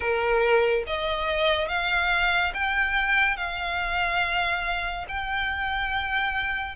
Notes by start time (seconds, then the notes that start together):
0.00 A#4
0.86 D#5
1.68 F5
2.54 G5
3.36 F5
5.08 G5